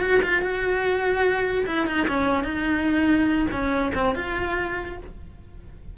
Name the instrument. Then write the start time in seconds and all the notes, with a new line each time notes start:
cello
0.00 F#4
0.22 F4
0.42 F#4
1.66 E4
1.86 D#4
2.07 C#4
2.43 D#4
3.51 C#4
3.94 C4
4.15 F4